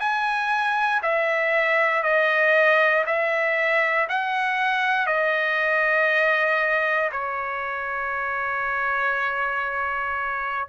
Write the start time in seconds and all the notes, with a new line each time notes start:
0.00 G#5
1.03 E5
2.03 D#5
3.06 E5
4.09 F#5
5.07 D#5
7.12 C#5